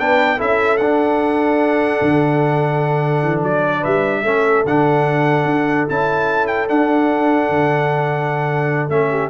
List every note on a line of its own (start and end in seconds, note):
0.00 0.41 B3
0.00 0.38 D4
0.00 0.38 B4
0.00 0.41 G5
0.38 0.80 C#4
0.38 0.79 E4
0.38 3.80 A4
0.38 0.78 E5
0.78 2.01 D4
0.78 4.25 D4
0.78 3.41 F#5
2.02 3.23 D3
3.23 3.43 E3
3.43 3.84 F#3
3.43 3.84 D5
3.80 4.24 G3
3.80 4.21 B4
3.80 4.65 E5
4.24 4.64 A3
4.24 4.66 C#4
4.24 9.10 A4
4.65 5.45 D3
4.65 5.89 D4
4.65 5.88 F#5
5.45 5.86 D4
5.89 6.69 C#4
5.89 6.68 E4
5.89 6.47 A5
6.47 6.67 G5
6.68 8.90 D4
6.68 7.50 D4
6.68 8.90 F#5
7.50 8.90 D3
8.90 9.30 A3
8.90 9.31 C#4
8.90 9.30 E5
9.10 9.31 G4